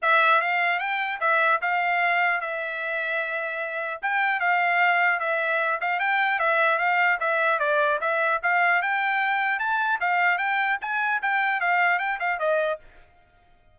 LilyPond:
\new Staff \with { instrumentName = "trumpet" } { \time 4/4 \tempo 4 = 150 e''4 f''4 g''4 e''4 | f''2 e''2~ | e''2 g''4 f''4~ | f''4 e''4. f''8 g''4 |
e''4 f''4 e''4 d''4 | e''4 f''4 g''2 | a''4 f''4 g''4 gis''4 | g''4 f''4 g''8 f''8 dis''4 | }